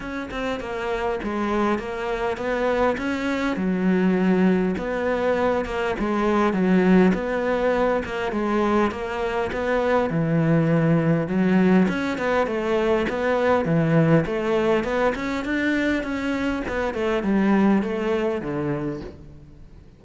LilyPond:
\new Staff \with { instrumentName = "cello" } { \time 4/4 \tempo 4 = 101 cis'8 c'8 ais4 gis4 ais4 | b4 cis'4 fis2 | b4. ais8 gis4 fis4 | b4. ais8 gis4 ais4 |
b4 e2 fis4 | cis'8 b8 a4 b4 e4 | a4 b8 cis'8 d'4 cis'4 | b8 a8 g4 a4 d4 | }